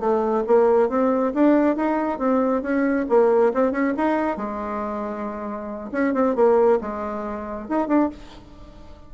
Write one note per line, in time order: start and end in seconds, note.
0.00 0.44 A3
0.47 0.89 A#3
0.89 1.33 C4
1.35 1.77 D4
1.77 2.19 D#4
2.19 2.62 C4
2.62 3.06 C#4
3.09 3.53 A#3
3.54 3.72 C4
3.72 3.94 C#4
3.97 4.37 D#4
4.37 5.91 G#3
5.92 6.14 C#4
6.14 6.36 C4
6.36 6.80 A#3
6.81 7.69 G#3
7.69 7.88 D#4
7.88 8.10 D4